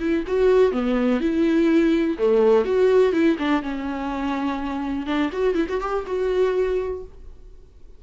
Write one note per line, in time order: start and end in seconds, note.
0.00 0.24 E4
0.27 0.72 F#4
0.72 1.21 B3
1.21 2.17 E4
2.19 2.65 A3
2.65 3.13 F#4
3.13 3.37 E4
3.39 3.62 D4
3.62 5.06 C#4
5.06 5.30 D4
5.33 5.55 F#4
5.55 5.67 E4
5.69 5.81 F#4
5.81 6.05 G4
6.07 7.03 F#4